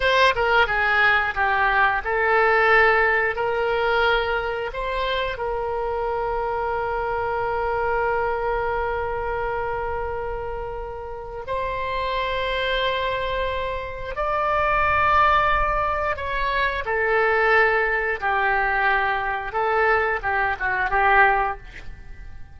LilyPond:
\new Staff \with { instrumentName = "oboe" } { \time 4/4 \tempo 4 = 89 c''8 ais'8 gis'4 g'4 a'4~ | a'4 ais'2 c''4 | ais'1~ | ais'1~ |
ais'4 c''2.~ | c''4 d''2. | cis''4 a'2 g'4~ | g'4 a'4 g'8 fis'8 g'4 | }